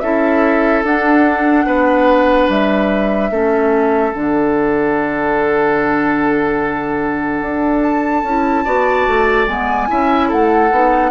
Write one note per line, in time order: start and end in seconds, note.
0.00 0.83 C#4
0.00 0.85 E4
0.00 1.66 A4
0.00 0.82 E5
0.83 1.65 D4
0.83 3.31 D4
0.83 2.50 F#5
1.65 2.48 B3
1.65 3.30 B4
2.48 3.31 G3
2.48 4.13 E5
3.31 4.13 A3
3.31 4.13 C#4
3.31 8.65 A4
4.13 7.41 D3
4.13 8.24 D4
4.13 7.82 F#5
7.41 8.23 D4
7.82 9.47 A5
8.23 8.64 C#4
8.23 8.65 E4
8.65 9.07 B3
8.65 9.47 F#4
8.65 9.88 D5
9.07 9.47 A3
9.47 9.88 G#3
9.47 9.88 B3
9.47 10.30 G#5
9.88 10.32 C#4
9.88 10.70 E4
9.88 10.28 E5
10.28 10.71 A3
10.28 11.10 A4
10.28 11.11 F#5
10.71 11.11 B3
10.71 11.11 D#4